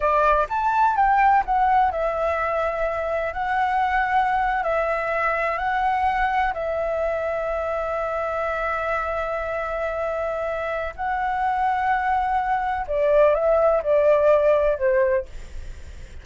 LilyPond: \new Staff \with { instrumentName = "flute" } { \time 4/4 \tempo 4 = 126 d''4 a''4 g''4 fis''4 | e''2. fis''4~ | fis''4.~ fis''16 e''2 fis''16~ | fis''4.~ fis''16 e''2~ e''16~ |
e''1~ | e''2. fis''4~ | fis''2. d''4 | e''4 d''2 c''4 | }